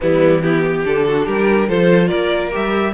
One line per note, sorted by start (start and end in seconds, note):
0.00 0.85 E3
0.00 0.42 G3
0.00 0.42 B3
0.00 0.41 E4
0.41 0.84 B3
0.41 0.63 E4
0.41 0.84 G4
0.67 1.07 G4
0.84 1.27 D3
0.84 1.67 D4
0.84 1.27 A4
1.07 1.25 F#4
1.25 1.68 G3
1.25 1.67 G4
1.25 1.69 A#4
1.67 2.10 F3
1.67 2.51 F4
1.67 2.07 A4
1.67 2.07 C5
2.07 2.54 A#3
2.07 2.92 A#4
2.07 2.50 D5
2.51 2.93 G3
2.51 2.93 G4
2.51 2.93 E5